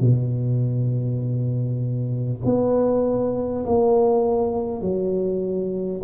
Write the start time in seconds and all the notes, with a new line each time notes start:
0.00 B2
2.45 B3
3.65 A#3
4.81 F#3